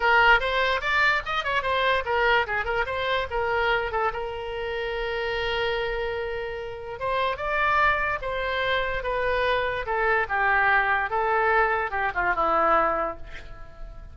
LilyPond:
\new Staff \with { instrumentName = "oboe" } { \time 4/4 \tempo 4 = 146 ais'4 c''4 d''4 dis''8 cis''8 | c''4 ais'4 gis'8 ais'8 c''4 | ais'4. a'8 ais'2~ | ais'1~ |
ais'4 c''4 d''2 | c''2 b'2 | a'4 g'2 a'4~ | a'4 g'8 f'8 e'2 | }